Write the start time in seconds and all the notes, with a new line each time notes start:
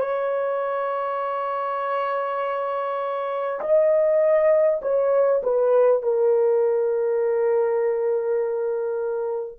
0.00 C#5
3.61 D#5
4.82 C#5
5.43 B4
6.02 A#4